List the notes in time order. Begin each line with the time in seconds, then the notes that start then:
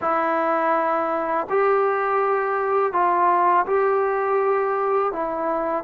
0.01 E4
1.49 G4
2.92 F4
3.66 G4
5.12 E4